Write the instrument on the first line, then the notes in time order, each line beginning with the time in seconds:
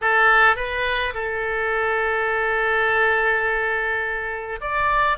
oboe
0.01 A4
0.56 B4
1.14 A4
4.60 D5